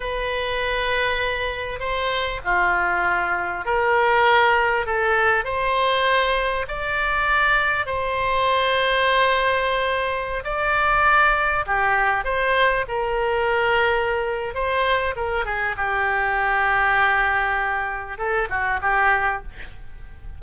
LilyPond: \new Staff \with { instrumentName = "oboe" } { \time 4/4 \tempo 4 = 99 b'2. c''4 | f'2 ais'2 | a'4 c''2 d''4~ | d''4 c''2.~ |
c''4~ c''16 d''2 g'8.~ | g'16 c''4 ais'2~ ais'8. | c''4 ais'8 gis'8 g'2~ | g'2 a'8 fis'8 g'4 | }